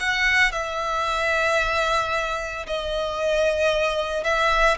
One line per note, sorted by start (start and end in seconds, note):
0.00 0.52 F#5
0.52 2.66 E5
2.67 4.24 D#5
4.24 4.78 E5